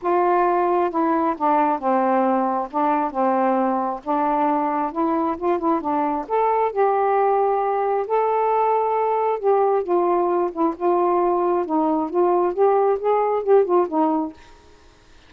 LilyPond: \new Staff \with { instrumentName = "saxophone" } { \time 4/4 \tempo 4 = 134 f'2 e'4 d'4 | c'2 d'4 c'4~ | c'4 d'2 e'4 | f'8 e'8 d'4 a'4 g'4~ |
g'2 a'2~ | a'4 g'4 f'4. e'8 | f'2 dis'4 f'4 | g'4 gis'4 g'8 f'8 dis'4 | }